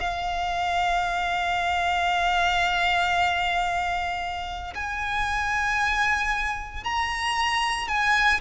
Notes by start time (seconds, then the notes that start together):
0.00 F5
4.75 G#5
6.84 A#5
7.88 G#5